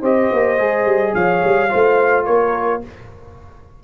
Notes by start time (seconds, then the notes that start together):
0.00 C4 G4 C5 D#5
0.32 A#3
0.59 G#3 G#4
0.86 G3
1.14 F3 C#5 F5
1.44 G3
1.70 A3 F4 C5
2.26 A#3 A#4 C#5